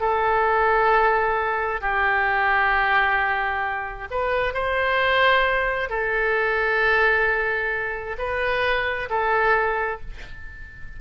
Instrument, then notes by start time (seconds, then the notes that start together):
oboe
0.00 A4
1.81 G4
4.10 B4
4.54 C5
5.89 A4
8.18 B4
9.10 A4